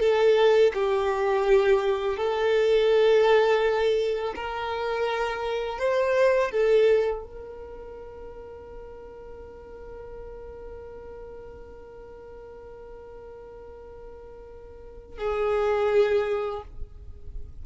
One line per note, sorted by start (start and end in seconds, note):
0.00 0.72 A4
0.74 2.17 G4
2.17 4.34 A4
4.35 5.79 A#4
5.79 6.51 C5
6.51 7.24 A4
7.24 15.18 A#4
15.18 16.63 G#4